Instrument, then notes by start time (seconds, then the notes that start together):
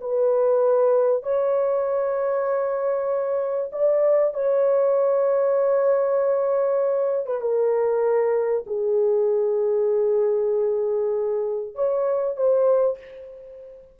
horn
0.00 B4
1.23 C#5
3.72 D5
4.34 C#5
7.26 B4
7.41 A#4
8.66 G#4
11.75 C#5
12.36 C5